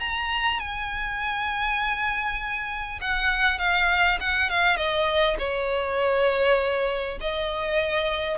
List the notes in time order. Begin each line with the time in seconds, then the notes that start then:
0.00 A#5
0.60 G#5
3.01 F#5
3.59 F5
4.21 F#5
4.50 F5
4.77 D#5
5.39 C#5
7.21 D#5